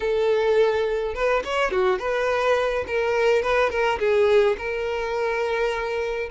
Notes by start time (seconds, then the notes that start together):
0.00 A4
1.14 B4
1.44 C#5
1.71 F#4
1.98 B4
2.87 A#4
3.42 B4
3.70 A#4
3.99 G#4
4.58 A#4